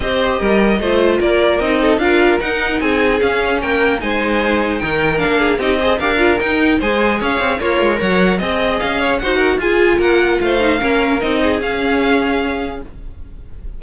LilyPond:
<<
  \new Staff \with { instrumentName = "violin" } { \time 4/4 \tempo 4 = 150 dis''2. d''4 | dis''4 f''4 fis''4 gis''4 | f''4 g''4 gis''2 | g''4 f''4 dis''4 f''4 |
g''4 gis''4 f''4 cis''4 | fis''4 dis''4 f''4 fis''4 | gis''4 fis''4 f''2 | dis''4 f''2. | }
  \new Staff \with { instrumentName = "violin" } { \time 4/4 c''4 ais'4 c''4 ais'4~ | ais'8 a'8 ais'2 gis'4~ | gis'4 ais'4 c''2 | ais'4. gis'8 g'8 c''8 ais'4~ |
ais'4 c''4 cis''4 f'4 | cis''4 dis''4. cis''8 c''8 ais'8 | gis'4 ais'4 c''4 ais'4~ | ais'8 gis'2.~ gis'8 | }
  \new Staff \with { instrumentName = "viola" } { \time 4/4 g'2 f'2 | dis'4 f'4 dis'2 | cis'2 dis'2~ | dis'4 d'4 dis'8 gis'8 g'8 f'8 |
dis'4 gis'2 ais'4~ | ais'4 gis'2 fis'4 | f'2~ f'8 dis'8 cis'4 | dis'4 cis'2. | }
  \new Staff \with { instrumentName = "cello" } { \time 4/4 c'4 g4 a4 ais4 | c'4 d'4 dis'4 c'4 | cis'4 ais4 gis2 | dis4 ais4 c'4 d'4 |
dis'4 gis4 cis'8 c'8 ais8 gis8 | fis4 c'4 cis'4 dis'4 | f'4 ais4 a4 ais4 | c'4 cis'2. | }
>>